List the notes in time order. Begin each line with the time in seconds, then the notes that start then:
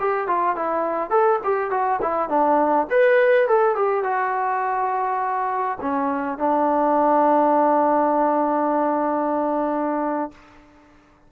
0.00 G4
0.27 F4
0.56 E4
1.10 A4
1.44 G4
1.71 F#4
2.02 E4
2.29 D4
2.90 B4
3.48 A4
3.76 G4
4.04 F#4
5.81 C#4
6.38 D4